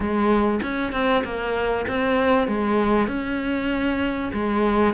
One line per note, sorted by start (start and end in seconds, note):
0.00 0.60 G#3
0.62 0.92 C#4
0.92 1.23 C4
1.24 1.86 A#3
1.87 2.47 C4
2.47 3.07 G#3
3.07 4.31 C#4
4.33 4.93 G#3